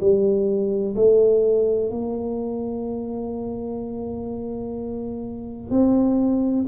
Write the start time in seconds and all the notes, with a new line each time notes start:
0.00 G3
0.96 A3
1.90 A#3
5.71 C4